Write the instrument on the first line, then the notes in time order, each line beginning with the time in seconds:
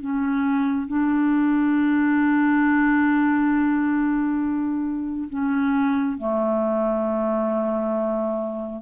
clarinet
0.00 C#4
0.87 D4
5.29 C#4
6.18 A3